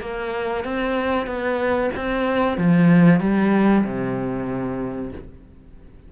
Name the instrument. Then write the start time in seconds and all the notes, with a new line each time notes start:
cello
0.00 A#3
0.64 C4
1.26 B3
1.96 C4
2.57 F3
3.20 G3
3.84 C3